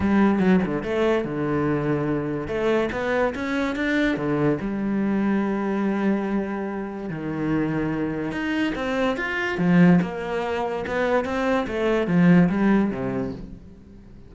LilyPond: \new Staff \with { instrumentName = "cello" } { \time 4/4 \tempo 4 = 144 g4 fis8 d8 a4 d4~ | d2 a4 b4 | cis'4 d'4 d4 g4~ | g1~ |
g4 dis2. | dis'4 c'4 f'4 f4 | ais2 b4 c'4 | a4 f4 g4 c4 | }